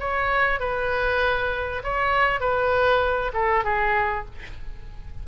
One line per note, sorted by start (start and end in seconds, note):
0.00 0.60 C#5
0.60 1.83 B4
1.84 2.40 C#5
2.40 3.32 B4
3.34 3.65 A4
3.65 4.26 G#4